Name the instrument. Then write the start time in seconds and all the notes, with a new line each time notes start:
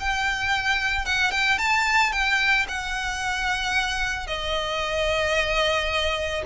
violin
0.00 G5
1.06 F#5
1.32 G5
1.58 A5
2.13 G5
2.69 F#5
4.27 D#5